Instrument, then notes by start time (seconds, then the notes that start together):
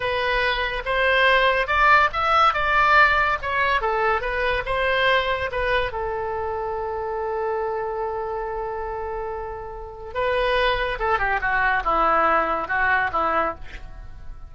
oboe
0.00 B4
0.85 C5
1.67 D5
2.12 E5
2.53 D5
3.41 C#5
3.81 A4
4.21 B4
4.65 C5
5.51 B4
5.92 A4
10.14 B4
10.99 A4
11.19 G4
11.41 F#4
11.84 E4
12.68 F#4
13.12 E4